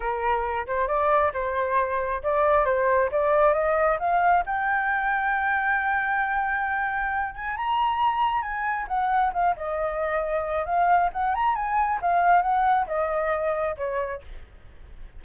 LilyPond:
\new Staff \with { instrumentName = "flute" } { \time 4/4 \tempo 4 = 135 ais'4. c''8 d''4 c''4~ | c''4 d''4 c''4 d''4 | dis''4 f''4 g''2~ | g''1~ |
g''8 gis''8 ais''2 gis''4 | fis''4 f''8 dis''2~ dis''8 | f''4 fis''8 ais''8 gis''4 f''4 | fis''4 dis''2 cis''4 | }